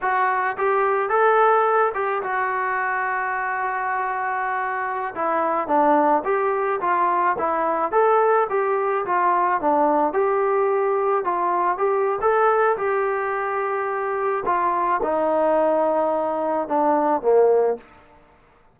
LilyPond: \new Staff \with { instrumentName = "trombone" } { \time 4/4 \tempo 4 = 108 fis'4 g'4 a'4. g'8 | fis'1~ | fis'4~ fis'16 e'4 d'4 g'8.~ | g'16 f'4 e'4 a'4 g'8.~ |
g'16 f'4 d'4 g'4.~ g'16~ | g'16 f'4 g'8. a'4 g'4~ | g'2 f'4 dis'4~ | dis'2 d'4 ais4 | }